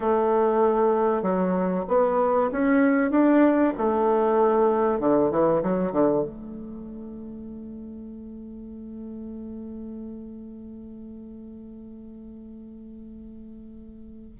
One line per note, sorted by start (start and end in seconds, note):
0.00 1.22 A3
1.22 1.84 F#3
1.88 2.50 B3
2.51 3.11 C#4
3.11 3.73 D4
3.77 4.99 A3
4.99 5.30 D3
5.31 5.62 E3
5.62 5.91 F#3
5.91 6.23 D3
6.23 14.36 A3